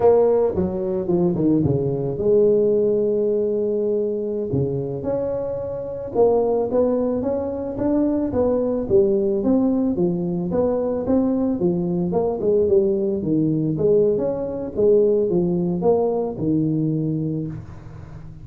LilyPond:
\new Staff \with { instrumentName = "tuba" } { \time 4/4 \tempo 4 = 110 ais4 fis4 f8 dis8 cis4 | gis1~ | gis16 cis4 cis'2 ais8.~ | ais16 b4 cis'4 d'4 b8.~ |
b16 g4 c'4 f4 b8.~ | b16 c'4 f4 ais8 gis8 g8.~ | g16 dis4 gis8. cis'4 gis4 | f4 ais4 dis2 | }